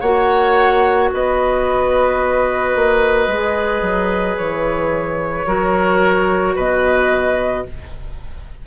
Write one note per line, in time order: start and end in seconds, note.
0.00 1.11 A#3
0.00 3.30 F#4
0.00 1.09 C#5
0.00 1.09 F#5
1.13 2.75 B3
1.13 5.46 B4
1.13 4.37 D#5
2.75 3.27 A#3
3.27 3.81 G#3
3.27 5.47 G#4
3.81 4.35 F#3
4.37 5.46 E3
4.37 6.55 C#5
5.46 6.55 F#3
5.46 7.65 F#4
5.46 6.55 A#4
6.55 7.65 B2
6.55 7.64 B4
6.55 7.66 D#5